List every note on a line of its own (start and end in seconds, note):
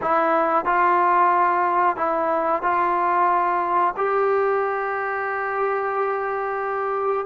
0.01 0.65 E4
0.65 1.96 F4
1.96 2.62 E4
2.62 3.94 F4
3.97 7.26 G4